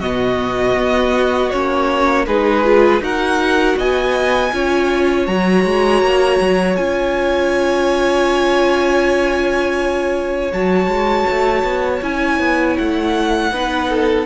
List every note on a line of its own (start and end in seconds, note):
0.00 0.77 B2
0.00 1.52 B3
0.00 2.25 F#4
0.00 1.50 D#5
0.77 1.52 B3
1.51 2.27 A#3
1.51 2.27 C#4
1.51 2.26 C#5
2.27 3.00 G#3
2.27 2.65 D#4
2.27 3.03 G#4
2.27 3.02 B4
2.65 3.01 F4
3.00 3.75 D#4
3.00 4.51 F#4
3.00 3.78 A#4
3.00 3.79 F#5
3.77 4.52 B3
3.77 4.53 D#5
3.77 5.27 G#5
4.53 5.28 C#4
4.53 5.28 F4
4.53 13.53 C#5
5.27 5.65 F#3
5.27 6.78 F#4
5.27 6.77 A#5
5.65 6.02 G#3
6.02 6.40 A#3
6.41 6.77 F#3
6.77 10.52 C#4
6.77 10.53 F4
6.77 10.52 G#5
10.53 10.88 F#3
10.53 12.02 F#4
10.53 12.03 A5
10.88 11.25 G#3
11.31 11.64 A3
11.64 12.01 B3
12.02 12.40 C#4
12.02 13.52 E4
12.02 12.78 G#5
12.40 12.77 B3
12.78 13.52 A3
12.78 14.27 F#5
13.52 14.27 B3
13.52 14.27 D#4
13.52 13.90 B4
13.90 14.27 A4